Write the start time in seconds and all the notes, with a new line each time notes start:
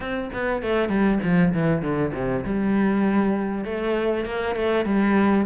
0.00 C4
0.33 B3
0.62 A3
0.88 G3
1.23 F3
1.53 E3
1.82 D3
2.13 C3
2.44 G3
3.64 A3
4.25 A#3
4.55 A3
4.85 G3